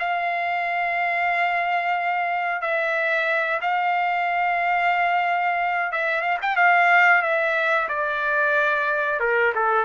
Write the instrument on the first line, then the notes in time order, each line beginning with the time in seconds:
trumpet
0.00 F5
2.62 E5
3.62 F5
5.93 E5
6.22 F5
6.42 G5
6.57 F5
7.23 E5
7.89 D5
9.20 A#4
9.55 A4